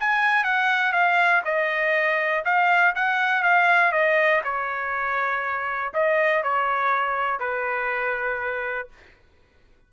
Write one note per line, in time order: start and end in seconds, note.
0.00 0.44 G#5
0.44 0.92 F#5
0.92 1.42 F5
1.45 2.44 D#5
2.45 2.94 F5
2.95 3.43 F#5
3.43 3.92 F5
3.92 4.42 D#5
4.44 5.93 C#5
5.94 6.43 D#5
6.43 7.40 C#5
7.40 8.88 B4